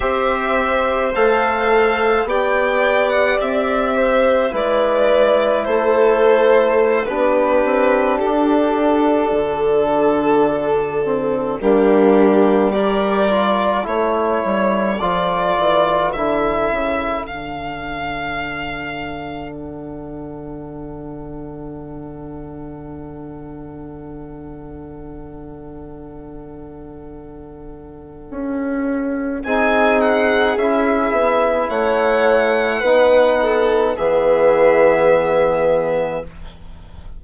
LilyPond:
<<
  \new Staff \with { instrumentName = "violin" } { \time 4/4 \tempo 4 = 53 e''4 f''4 g''8. fis''16 e''4 | d''4 c''4~ c''16 b'4 a'8.~ | a'2~ a'16 g'4 d''8.~ | d''16 cis''4 d''4 e''4 f''8.~ |
f''4~ f''16 fis''2~ fis''8.~ | fis''1~ | fis''2 gis''8 fis''8 e''4 | fis''2 e''2 | }
  \new Staff \with { instrumentName = "violin" } { \time 4/4 c''2 d''4. c''8 | b'4 a'4~ a'16 g'4.~ g'16~ | g'16 fis'2 d'4 ais'8.~ | ais'16 a'2.~ a'8.~ |
a'1~ | a'1~ | a'2 gis'2 | cis''4 b'8 a'8 gis'2 | }
  \new Staff \with { instrumentName = "trombone" } { \time 4/4 g'4 a'4 g'2 | e'2~ e'16 d'4.~ d'16~ | d'4.~ d'16 c'8 ais4 g'8 f'16~ | f'16 e'4 f'4 e'4 d'8.~ |
d'1~ | d'1~ | d'2 dis'4 e'4~ | e'4 dis'4 b2 | }
  \new Staff \with { instrumentName = "bassoon" } { \time 4/4 c'4 a4 b4 c'4 | gis4 a4~ a16 b8 c'8 d'8.~ | d'16 d2 g4.~ g16~ | g16 a8 g8 f8 e8 d8 cis8 d8.~ |
d1~ | d1~ | d4 cis'4 c'4 cis'8 b8 | a4 b4 e2 | }
>>